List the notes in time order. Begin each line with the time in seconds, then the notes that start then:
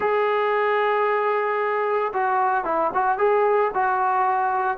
0.00 G#4
2.13 F#4
2.64 E4
2.93 F#4
3.18 G#4
3.73 F#4